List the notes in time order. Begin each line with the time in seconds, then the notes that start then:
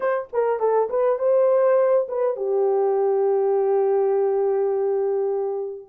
0.00 C5
0.32 A#4
0.59 A4
0.89 B4
1.18 C5
2.08 B4
2.36 G4